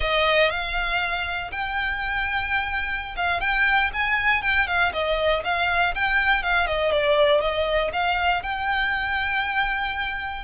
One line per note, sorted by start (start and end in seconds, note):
0.00 0.50 D#5
0.50 1.50 F5
1.51 3.15 G5
3.16 3.40 F5
3.40 3.91 G5
3.93 4.42 G#5
4.42 4.67 G5
4.67 4.92 F5
4.92 5.43 D#5
5.44 5.94 F5
5.94 6.42 G5
6.42 6.66 F5
6.66 6.91 D#5
6.91 7.40 D5
7.40 7.91 D#5
7.93 8.42 F5
8.42 10.44 G5